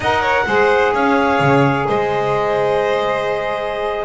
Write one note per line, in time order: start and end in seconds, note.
0.00 0.44 D#4
0.00 0.46 A#4
0.00 0.20 D#5
0.00 0.94 F#5
0.20 0.44 C#5
0.46 0.93 G#3
0.46 4.04 G#4
0.46 0.93 C5
0.93 1.39 C#4
0.93 1.86 C#5
0.93 1.87 F5
1.39 1.86 C#3
1.87 4.04 G#3
1.87 4.04 C5
1.87 4.04 D#5